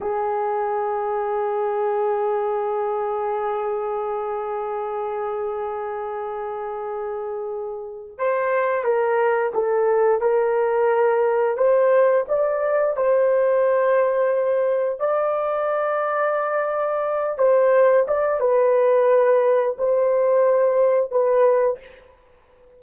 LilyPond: \new Staff \with { instrumentName = "horn" } { \time 4/4 \tempo 4 = 88 gis'1~ | gis'1~ | gis'1 | c''4 ais'4 a'4 ais'4~ |
ais'4 c''4 d''4 c''4~ | c''2 d''2~ | d''4. c''4 d''8 b'4~ | b'4 c''2 b'4 | }